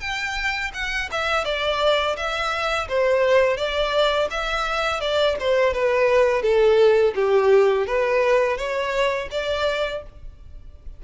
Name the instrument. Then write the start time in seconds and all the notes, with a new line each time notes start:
violin
0.00 G5
0.74 F#5
1.11 E5
1.44 D5
2.16 E5
2.88 C5
3.57 D5
4.31 E5
5.00 D5
5.40 C5
5.73 B4
6.42 A4
7.15 G4
7.87 B4
8.57 C#5
9.31 D5